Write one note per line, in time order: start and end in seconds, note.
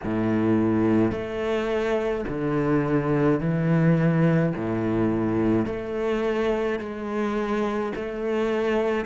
0.04 1.11 A2
1.11 2.24 A3
2.28 3.40 D3
3.40 4.53 E3
4.55 5.66 A2
5.66 6.79 A3
6.79 7.92 G#3
7.96 9.05 A3